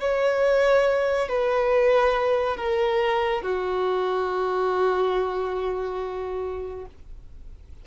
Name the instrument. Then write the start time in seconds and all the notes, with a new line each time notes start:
violin
0.00 C#5
1.28 B4
2.57 A#4
3.42 F#4